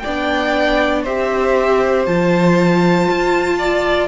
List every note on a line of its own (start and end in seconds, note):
0.00 1.03 D5
0.00 1.02 G5
0.07 1.07 B3
0.07 1.07 D4
1.03 2.07 C4
1.03 2.07 G4
1.03 3.57 C5
1.03 2.06 E5
2.06 3.09 F3
2.06 4.08 F4
2.06 4.08 A5
3.10 4.08 F4
3.58 4.08 D5